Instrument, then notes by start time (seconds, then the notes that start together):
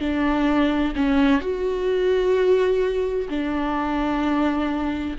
viola
0.00 D4
0.96 C#4
1.41 F#4
3.29 D4